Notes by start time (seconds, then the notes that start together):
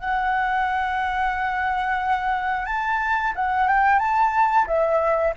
0.00 F#5
2.66 A5
3.36 F#5
3.69 G5
3.99 A5
4.68 E5